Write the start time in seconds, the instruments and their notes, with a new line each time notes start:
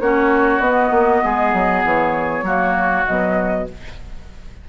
0.00 bassoon A#3, clarinet C#4, oboe F#4, flute C#5
0.60 bassoon B3, clarinet B3, flute D#5
0.91 bassoon A#3
1.24 bassoon G#3, oboe G#4
1.54 bassoon F#3
1.84 bassoon E3, flute C#5
2.42 bassoon F#3, clarinet A#3, oboe F#4
3.07 bassoon B2, clarinet F#3, flute D#5